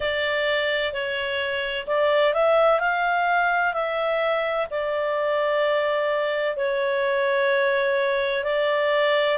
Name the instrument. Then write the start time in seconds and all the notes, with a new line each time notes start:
clarinet
0.00 D5
0.92 C#5
1.86 D5
2.34 E5
2.80 F5
3.73 E5
4.70 D5
6.56 C#5
8.44 D5